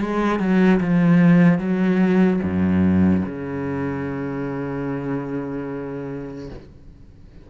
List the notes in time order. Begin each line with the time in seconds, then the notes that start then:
0.00 G#3
0.39 F#3
0.80 F3
1.58 F#3
2.43 F#2
3.25 C#3